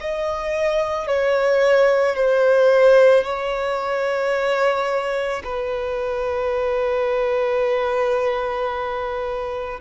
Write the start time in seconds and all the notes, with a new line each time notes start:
0.00 D#5
1.07 C#5
2.15 C5
3.24 C#5
5.43 B4